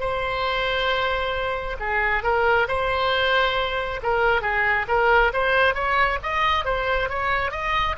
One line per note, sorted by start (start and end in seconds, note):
0.00 1.76 C5
1.80 2.23 G#4
2.23 2.68 A#4
2.68 4.01 C5
4.03 4.42 A#4
4.42 4.86 G#4
4.88 5.32 A#4
5.33 5.75 C5
5.75 6.19 C#5
6.23 6.65 D#5
6.65 7.09 C5
7.09 7.52 C#5
7.52 7.96 D#5